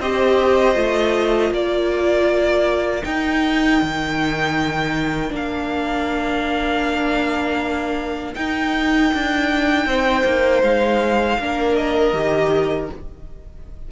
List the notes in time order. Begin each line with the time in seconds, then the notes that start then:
0.00 C4 G4 C5 D#5
0.75 A3 F4
1.51 A#3 A#4 D5
3.03 D#4 G5
3.82 D#3
5.30 A#3 D4
5.36 F5
8.35 D#4 G5
9.14 D4
9.86 C4 C5
10.25 A#3
10.63 G#3 F5
11.39 A#3 D4 A#4
11.76 D#5
12.14 D#3 G4